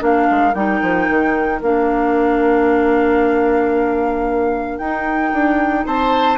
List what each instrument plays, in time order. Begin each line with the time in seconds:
0.00 bassoon A#3, clarinet D4, oboe A#4, flute F5
0.31 bassoon G#3
0.55 bassoon G3, clarinet D#4, flute G5
0.82 bassoon F3
1.10 bassoon D#3
1.62 bassoon A#3, clarinet D4, flute F5
4.79 bassoon D#4, clarinet D#4, flute G5
5.33 bassoon D4
5.86 bassoon C4, oboe C5, flute A5